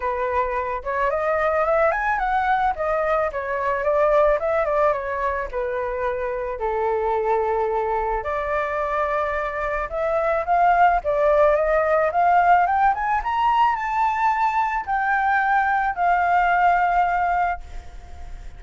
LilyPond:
\new Staff \with { instrumentName = "flute" } { \time 4/4 \tempo 4 = 109 b'4. cis''8 dis''4 e''8 gis''8 | fis''4 dis''4 cis''4 d''4 | e''8 d''8 cis''4 b'2 | a'2. d''4~ |
d''2 e''4 f''4 | d''4 dis''4 f''4 g''8 gis''8 | ais''4 a''2 g''4~ | g''4 f''2. | }